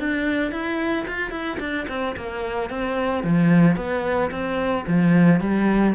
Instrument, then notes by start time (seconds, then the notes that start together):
cello
0.00 D4
0.52 E4
1.08 F4
1.31 E4
1.60 D4
1.89 C4
2.17 A#3
2.71 C4
3.24 F3
3.77 B3
4.31 C4
4.87 F3
5.41 G3